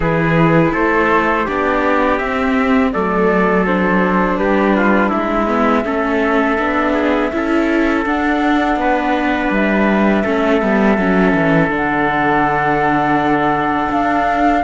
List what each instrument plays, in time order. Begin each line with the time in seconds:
0.00 cello E3, viola E4, trumpet G#4, flute B4
0.72 cello A3, trumpet A4, flute C5
1.45 cello B3, viola D4, trumpet G4, flute D5
2.18 cello C4, viola C4, flute E5
2.92 cello F#3, viola A3, trumpet A4, flute D5
3.65 viola D4, flute C5
4.37 cello G3, trumpet G4, flute B4
4.76 trumpet F4
5.09 cello G#3, trumpet E4, flute E5
5.47 viola B3
5.84 cello A3, viola C#4, trumpet A4
6.57 cello B3, viola D4
6.93 trumpet G#4
7.32 cello C#4, viola E4, trumpet A4
8.05 cello D4, viola D4, flute F#5
8.76 cello B3, trumpet B4
9.50 cello G3, flute E5
10.23 cello A3, viola C#4, trumpet A4
10.62 cello G3, viola B3
10.97 cello F#3, viola C#4
11.34 cello E3
11.68 cello D3, viola D4, flute F#5
13.91 cello D4, flute F5